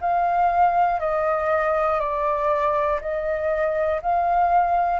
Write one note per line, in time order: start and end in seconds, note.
0.00 1.00 F5
1.00 1.99 D#5
1.99 2.99 D5
3.01 4.01 D#5
4.02 4.99 F5